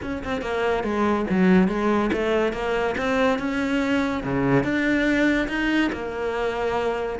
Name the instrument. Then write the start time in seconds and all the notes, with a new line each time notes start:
cello
0.02 C#4
0.23 C4
0.41 A#3
0.83 G#3
1.30 F#3
1.68 G#3
2.13 A3
2.52 A#3
2.97 C4
3.38 C#4
4.23 C#3
4.63 D4
5.48 D#4
5.92 A#3